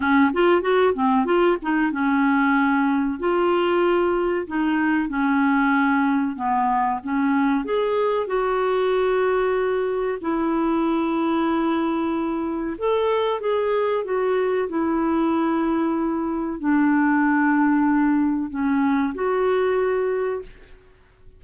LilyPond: \new Staff \with { instrumentName = "clarinet" } { \time 4/4 \tempo 4 = 94 cis'8 f'8 fis'8 c'8 f'8 dis'8 cis'4~ | cis'4 f'2 dis'4 | cis'2 b4 cis'4 | gis'4 fis'2. |
e'1 | a'4 gis'4 fis'4 e'4~ | e'2 d'2~ | d'4 cis'4 fis'2 | }